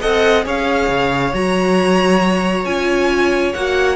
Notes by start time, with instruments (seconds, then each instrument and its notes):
0.00 cello C4, viola A4, violin D#5 F#5
0.43 cello C#4, viola G#4, violin C#5 F5
0.88 cello C#3
1.33 cello F#3, viola F#4, violin A#5
2.64 cello C#4, viola F4, violin G#5
3.53 cello A#3, viola F#4, violin F#5